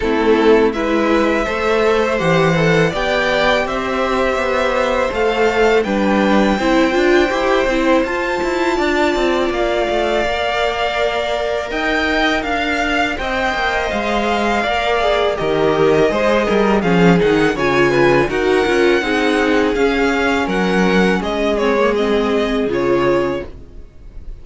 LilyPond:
<<
  \new Staff \with { instrumentName = "violin" } { \time 4/4 \tempo 4 = 82 a'4 e''2 fis''4 | g''4 e''2 f''4 | g''2. a''4~ | a''4 f''2. |
g''4 f''4 g''4 f''4~ | f''4 dis''2 f''8 fis''8 | gis''4 fis''2 f''4 | fis''4 dis''8 cis''8 dis''4 cis''4 | }
  \new Staff \with { instrumentName = "violin" } { \time 4/4 e'4 b'4 c''2 | d''4 c''2. | b'4 c''2. | d''1 |
dis''4 f''4 dis''2 | d''4 ais'4 c''8 ais'8 gis'4 | cis''8 b'8 ais'4 gis'2 | ais'4 gis'2. | }
  \new Staff \with { instrumentName = "viola" } { \time 4/4 c'4 e'4 a'4 g'8 a'8 | g'2. a'4 | d'4 e'8 f'8 g'8 e'8 f'4~ | f'2 ais'2~ |
ais'2 c''2 | ais'8 gis'8 g'4 gis'4 cis'8 dis'8 | f'4 fis'8 f'8 dis'4 cis'4~ | cis'4. c'16 ais16 c'4 f'4 | }
  \new Staff \with { instrumentName = "cello" } { \time 4/4 a4 gis4 a4 e4 | b4 c'4 b4 a4 | g4 c'8 d'8 e'8 c'8 f'8 e'8 | d'8 c'8 ais8 a8 ais2 |
dis'4 d'4 c'8 ais8 gis4 | ais4 dis4 gis8 g8 f8 dis8 | cis4 dis'8 cis'8 c'4 cis'4 | fis4 gis2 cis4 | }
>>